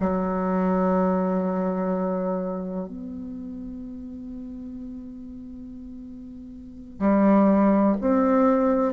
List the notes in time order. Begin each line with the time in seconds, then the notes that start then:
0.00 F#3
2.88 B3
6.99 G3
8.01 C4